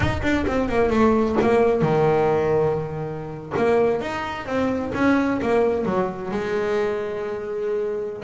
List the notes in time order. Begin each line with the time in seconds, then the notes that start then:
0.00 D#4
0.22 D4
0.47 C4
0.68 A#3
0.90 A3
1.41 A#3
1.81 D#3
3.56 A#3
4.01 D#4
4.46 C4
4.94 C#4
5.41 A#3
5.85 F#3
6.31 G#3